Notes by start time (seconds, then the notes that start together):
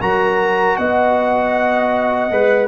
0.00 F#3 F#4 A#4 A#5
0.76 B3 D#5 F#5
2.31 G#3 B4